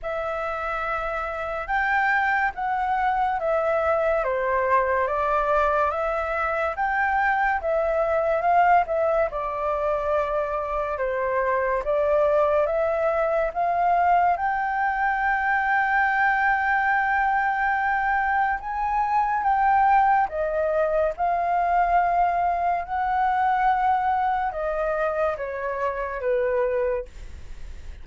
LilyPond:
\new Staff \with { instrumentName = "flute" } { \time 4/4 \tempo 4 = 71 e''2 g''4 fis''4 | e''4 c''4 d''4 e''4 | g''4 e''4 f''8 e''8 d''4~ | d''4 c''4 d''4 e''4 |
f''4 g''2.~ | g''2 gis''4 g''4 | dis''4 f''2 fis''4~ | fis''4 dis''4 cis''4 b'4 | }